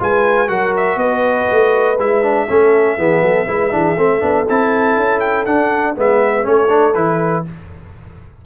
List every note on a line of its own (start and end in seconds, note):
0.00 0.49 G#3
0.00 0.48 F4
0.00 0.49 B4
0.00 0.49 G#5
0.48 0.97 F#3
0.48 1.97 F#4
0.48 0.99 A#4
0.48 0.74 F#5
0.77 0.99 E5
0.97 1.46 B3
0.97 2.48 B4
0.97 1.98 D#5
1.52 1.99 A3
1.99 2.49 G#3
1.99 2.23 E4
1.99 4.48 E5
2.23 2.48 D4
2.49 2.98 A3
2.49 2.98 C#4
2.49 2.99 A4
2.98 3.22 E3
2.98 3.48 B3
2.98 3.23 G#4
3.22 3.47 F#3
3.22 3.48 A4
3.48 3.72 G#3
3.48 3.72 E4
3.48 3.74 B4
3.72 3.97 E3
3.72 3.96 D4
3.72 3.99 G#4
3.97 4.21 A3
3.97 4.21 C4
3.97 5.98 A4
4.21 4.47 B3
4.21 4.46 D4
4.49 4.96 C4
4.49 5.46 E4
4.49 5.20 A5
4.96 5.46 C#4
5.20 5.45 G5
5.46 5.96 D4
5.46 5.96 F#5
5.96 6.47 G#3
5.96 6.43 B3
5.96 6.47 B4
5.96 6.47 E5
6.43 6.95 A3
6.43 6.68 C#4
6.43 7.46 A4
6.43 6.95 C#5
6.70 6.94 D4
6.95 7.45 E3
6.95 7.45 E4
6.95 7.44 B4